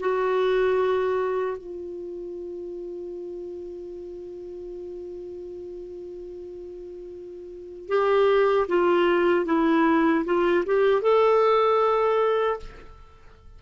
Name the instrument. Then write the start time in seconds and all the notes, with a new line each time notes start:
clarinet
0.00 F#4
1.57 F4
7.88 G4
8.68 F4
9.46 E4
10.25 F4
10.66 G4
11.02 A4